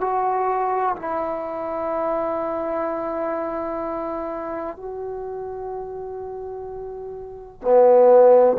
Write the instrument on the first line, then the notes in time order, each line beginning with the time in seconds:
trombone
0.00 F#4
0.96 E4
4.76 F#4
7.61 B3